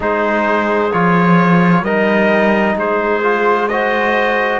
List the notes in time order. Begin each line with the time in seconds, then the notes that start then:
0.00 G#3 D#4 G#4 C5
0.92 F3 F4 C#5
1.82 G3 D#4 A#4 D#5
2.76 G#3 G#4 C5
3.22 F4
3.68 F#4 C5 D#5